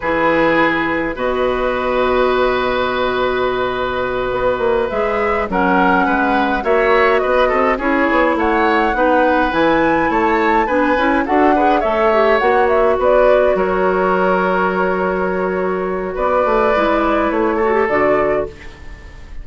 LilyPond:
<<
  \new Staff \with { instrumentName = "flute" } { \time 4/4 \tempo 4 = 104 b'2 dis''2~ | dis''1~ | dis''8 e''4 fis''2 e''8~ | e''8 dis''4 cis''4 fis''4.~ |
fis''8 gis''4 a''4 gis''4 fis''8~ | fis''8 e''4 fis''8 e''8 d''4 cis''8~ | cis''1 | d''2 cis''4 d''4 | }
  \new Staff \with { instrumentName = "oboe" } { \time 4/4 gis'2 b'2~ | b'1~ | b'4. ais'4 b'4 cis''8~ | cis''8 b'8 a'8 gis'4 cis''4 b'8~ |
b'4. cis''4 b'4 a'8 | b'8 cis''2 b'4 ais'8~ | ais'1 | b'2~ b'8 a'4. | }
  \new Staff \with { instrumentName = "clarinet" } { \time 4/4 e'2 fis'2~ | fis'1~ | fis'8 gis'4 cis'2 fis'8~ | fis'4. e'2 dis'8~ |
dis'8 e'2 d'8 e'8 fis'8 | gis'8 a'8 g'8 fis'2~ fis'8~ | fis'1~ | fis'4 e'4. fis'16 g'16 fis'4 | }
  \new Staff \with { instrumentName = "bassoon" } { \time 4/4 e2 b,2~ | b,2.~ b,8 b8 | ais8 gis4 fis4 gis4 ais8~ | ais8 b8 c'8 cis'8 b8 a4 b8~ |
b8 e4 a4 b8 cis'8 d'8~ | d'8 a4 ais4 b4 fis8~ | fis1 | b8 a8 gis4 a4 d4 | }
>>